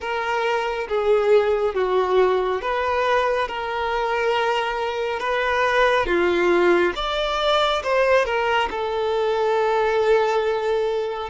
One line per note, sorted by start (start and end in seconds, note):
0.00 0.87 A#4
0.88 1.74 G#4
1.74 2.61 F#4
2.61 3.48 B4
3.48 5.19 A#4
5.19 6.06 B4
6.06 6.92 F4
6.95 7.82 D5
7.83 8.25 C5
8.25 8.68 A#4
8.70 11.29 A4